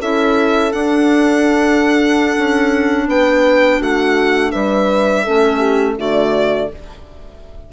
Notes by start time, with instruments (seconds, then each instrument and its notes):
0.00 bassoon C#4, clarinet E4, horn A4, violin E5
0.72 clarinet D4, bassoon D4, violin F#5
2.38 bassoon C#4
3.08 bassoon B3, horn B4, violin G5
3.80 bassoon A3, horn F#4, violin F#5
4.52 bassoon G3, horn B4, violin E5
5.24 bassoon A3, clarinet C#4, horn A4
5.59 horn G4
5.97 bassoon D3, clarinet A3, horn F#4, violin D5